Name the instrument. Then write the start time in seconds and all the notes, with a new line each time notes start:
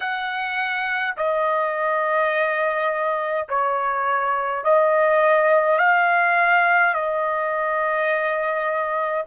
trumpet
0.00 F#5
1.16 D#5
3.48 C#5
4.64 D#5
5.78 F5
6.94 D#5